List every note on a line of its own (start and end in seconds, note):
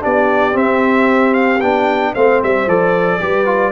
0.00 0.56 B3
0.00 0.53 D4
0.00 2.13 G4
0.00 0.57 D5
0.53 1.59 C4
0.53 1.62 C4
0.53 1.34 E5
1.34 1.60 F5
1.61 2.15 B3
1.61 2.15 D4
1.61 2.14 G5
2.14 2.42 A3
2.14 2.68 C4
2.14 3.20 C5
2.14 2.41 F5
2.43 2.66 G3
2.43 2.69 E5
2.66 3.20 F3
2.66 3.20 A4
2.66 3.72 D5
3.20 3.72 G3
3.20 3.45 G4
3.20 3.72 B4
3.45 3.72 F4